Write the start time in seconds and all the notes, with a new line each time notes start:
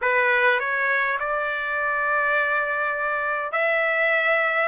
0.01 B4
0.59 C#5
1.19 D5
3.52 E5